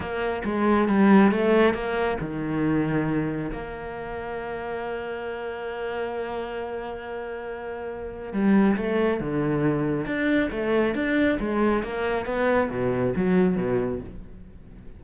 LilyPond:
\new Staff \with { instrumentName = "cello" } { \time 4/4 \tempo 4 = 137 ais4 gis4 g4 a4 | ais4 dis2. | ais1~ | ais1~ |
ais2. g4 | a4 d2 d'4 | a4 d'4 gis4 ais4 | b4 b,4 fis4 b,4 | }